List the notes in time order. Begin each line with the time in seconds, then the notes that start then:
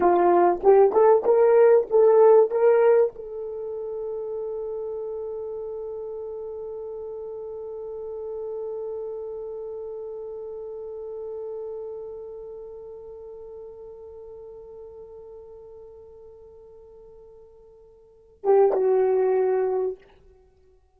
0.00 F4
0.63 G4
0.92 A4
1.24 A#4
1.89 A4
2.50 A#4
3.15 A4
18.43 G4
18.72 F#4